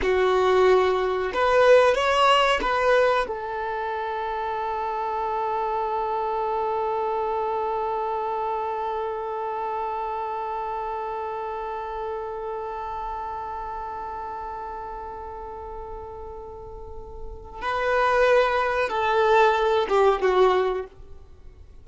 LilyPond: \new Staff \with { instrumentName = "violin" } { \time 4/4 \tempo 4 = 92 fis'2 b'4 cis''4 | b'4 a'2.~ | a'1~ | a'1~ |
a'1~ | a'1~ | a'2. b'4~ | b'4 a'4. g'8 fis'4 | }